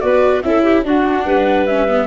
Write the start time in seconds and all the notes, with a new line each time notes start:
0.00 B3 F#4 B4 D5
0.42 C#4 E4 A4 E5
0.63 G4
0.84 D4 F#4 F#5
1.25 G3 B4
1.66 C#4 E5
1.88 B3